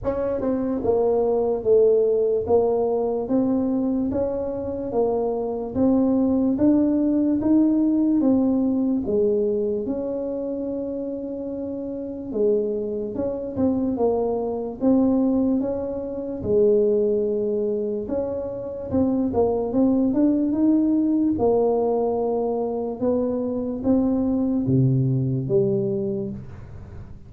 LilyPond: \new Staff \with { instrumentName = "tuba" } { \time 4/4 \tempo 4 = 73 cis'8 c'8 ais4 a4 ais4 | c'4 cis'4 ais4 c'4 | d'4 dis'4 c'4 gis4 | cis'2. gis4 |
cis'8 c'8 ais4 c'4 cis'4 | gis2 cis'4 c'8 ais8 | c'8 d'8 dis'4 ais2 | b4 c'4 c4 g4 | }